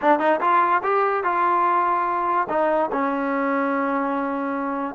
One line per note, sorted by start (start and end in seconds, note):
0.01 0.19 D4
0.19 0.39 D#4
0.40 0.82 F4
0.83 1.23 G4
1.23 2.47 F4
2.49 2.90 D#4
2.92 4.95 C#4